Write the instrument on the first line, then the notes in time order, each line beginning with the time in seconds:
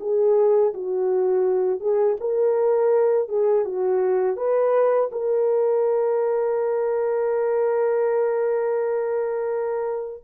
horn
0.00 G#4
0.74 F#4
1.80 G#4
2.20 A#4
3.28 G#4
3.65 F#4
4.36 B4
5.12 A#4